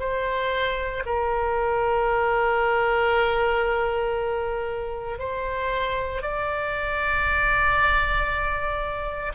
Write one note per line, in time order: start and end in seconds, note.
0.00 1.03 C5
1.06 5.19 A#4
5.19 6.22 C5
6.22 9.32 D5